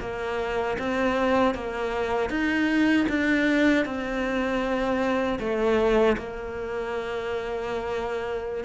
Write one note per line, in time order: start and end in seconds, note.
0.00 0.77 A#3
0.78 1.54 C4
1.54 2.29 A#3
2.29 3.06 D#4
3.08 3.85 D4
3.85 5.39 C4
5.39 6.16 A3
6.17 8.64 A#3